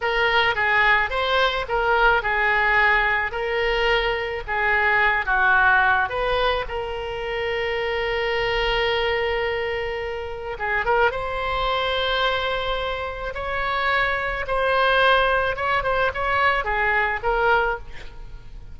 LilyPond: \new Staff \with { instrumentName = "oboe" } { \time 4/4 \tempo 4 = 108 ais'4 gis'4 c''4 ais'4 | gis'2 ais'2 | gis'4. fis'4. b'4 | ais'1~ |
ais'2. gis'8 ais'8 | c''1 | cis''2 c''2 | cis''8 c''8 cis''4 gis'4 ais'4 | }